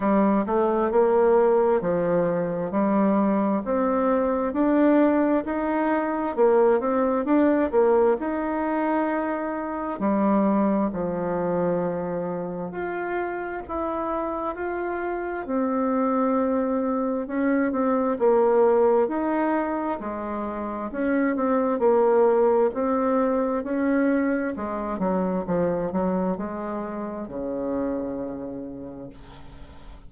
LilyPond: \new Staff \with { instrumentName = "bassoon" } { \time 4/4 \tempo 4 = 66 g8 a8 ais4 f4 g4 | c'4 d'4 dis'4 ais8 c'8 | d'8 ais8 dis'2 g4 | f2 f'4 e'4 |
f'4 c'2 cis'8 c'8 | ais4 dis'4 gis4 cis'8 c'8 | ais4 c'4 cis'4 gis8 fis8 | f8 fis8 gis4 cis2 | }